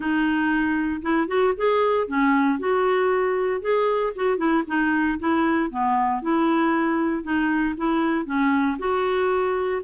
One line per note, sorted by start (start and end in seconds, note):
0.00 1.01 D#4
1.02 1.27 E4
1.27 1.53 F#4
1.57 2.07 G#4
2.07 2.59 C#4
2.59 3.61 F#4
3.61 4.13 G#4
4.15 4.37 F#4
4.37 4.63 E4
4.67 5.19 D#4
5.19 5.70 E4
5.70 6.22 B3
6.22 7.23 E4
7.23 7.74 D#4
7.77 8.25 E4
8.25 8.77 C#4
8.78 9.82 F#4